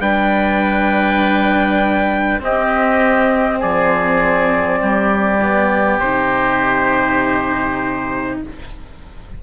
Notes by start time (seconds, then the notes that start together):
0.00 G3 D4 B4 G5
2.40 C4 G4 D#5
3.59 F3 G#4 D5
4.81 G3 G4
5.42 B3
6.00 C3 D#4 C5